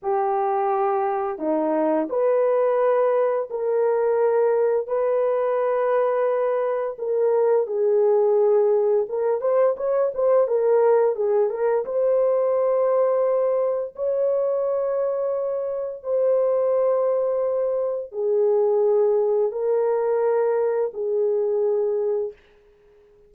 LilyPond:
\new Staff \with { instrumentName = "horn" } { \time 4/4 \tempo 4 = 86 g'2 dis'4 b'4~ | b'4 ais'2 b'4~ | b'2 ais'4 gis'4~ | gis'4 ais'8 c''8 cis''8 c''8 ais'4 |
gis'8 ais'8 c''2. | cis''2. c''4~ | c''2 gis'2 | ais'2 gis'2 | }